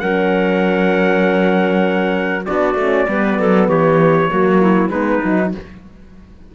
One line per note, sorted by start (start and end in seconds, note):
0.00 2.47 F#3
0.00 2.45 C#4
0.00 2.46 A#4
0.00 2.45 F#5
2.46 2.75 B3
2.46 2.79 D4
2.46 3.08 F#4
2.46 3.68 D5
2.75 3.05 A3
2.75 3.07 C#4
3.07 3.39 G3
3.07 4.29 B3
3.07 3.40 B4
3.39 3.69 F#3
3.39 3.69 A4
3.69 4.30 E3
3.69 4.30 G4
3.69 4.90 C#5
4.29 4.89 F#3
4.29 4.90 A#3
4.29 4.61 F#4
4.61 4.90 E4
4.89 5.20 G#3
4.89 5.23 B3
4.89 5.51 D#4
4.89 5.51 B4
5.24 5.55 F#3
5.24 5.55 D#4